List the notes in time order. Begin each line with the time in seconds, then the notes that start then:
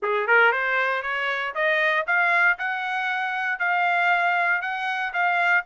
0.02 G#4
0.27 A#4
0.52 C5
1.02 C#5
1.54 D#5
2.06 F5
2.58 F#5
3.59 F5
4.61 F#5
5.13 F5